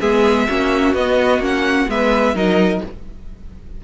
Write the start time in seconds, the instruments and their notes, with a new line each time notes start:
0.00 cello G#3, viola B3, violin G#4 E5
0.48 cello A#3, viola C#4, violin F#4
0.93 cello B3, viola B3, violin D#5
1.38 cello A#3, viola C#4, violin F#5
1.88 cello G#3, viola B3, violin B4 E5
2.33 cello F#3, viola D#4, violin A#4 D#5